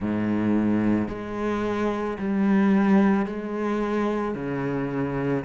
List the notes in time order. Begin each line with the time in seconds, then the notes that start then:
0.00 G#2
1.08 G#3
2.18 G3
3.26 G#3
4.34 C#3